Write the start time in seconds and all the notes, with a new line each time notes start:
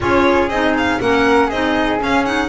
0.00 C#4 F4 G#4 C#5
0.48 C4 D#4 D#5
0.77 F5
1.00 A#3 C#4 A#4 F#5
1.46 C4 D#4 G#4 D#5
1.99 C#4 F5
2.25 D#4 F#5